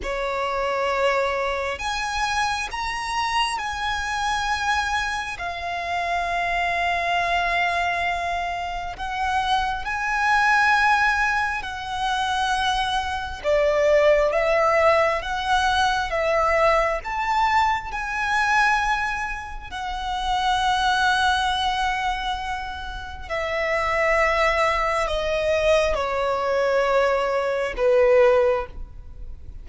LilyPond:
\new Staff \with { instrumentName = "violin" } { \time 4/4 \tempo 4 = 67 cis''2 gis''4 ais''4 | gis''2 f''2~ | f''2 fis''4 gis''4~ | gis''4 fis''2 d''4 |
e''4 fis''4 e''4 a''4 | gis''2 fis''2~ | fis''2 e''2 | dis''4 cis''2 b'4 | }